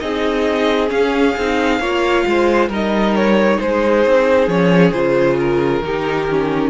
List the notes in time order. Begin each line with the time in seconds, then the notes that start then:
0.00 C4 D#4 G#4 D#5
0.88 C#4 F5
1.37 C4 D#4
1.80 A#3 F4 C#5
2.27 G#3 C5
2.69 G3 D#4 A#4 D#5
3.16 C#5
3.60 G#3 G#4 C5
4.06 C4
4.48 F3 C#4 C#5
4.92 C#3 F4 C5
5.40 A#4
5.82 D#3 D#4 G4
6.30 C#4